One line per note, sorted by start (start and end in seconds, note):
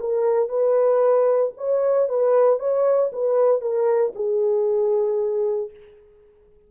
0.00 0.49 A#4
0.49 1.52 B4
1.57 2.09 C#5
2.09 2.59 B4
2.59 3.11 C#5
3.12 3.61 B4
3.61 4.13 A#4
4.15 5.70 G#4